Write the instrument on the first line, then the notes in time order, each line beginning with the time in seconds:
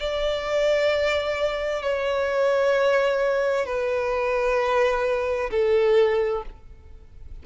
violin
0.00 D5
1.83 C#5
3.66 B4
5.51 A4